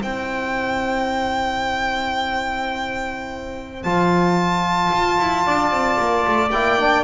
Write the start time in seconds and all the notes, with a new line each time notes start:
0.00 C4 E4 C5 G5
3.83 F3 F4 A5
4.92 F4
5.19 E4
5.46 D4 D5
5.71 C4
5.99 A#3
6.27 A3
6.51 A#3 E4 G5
6.79 D4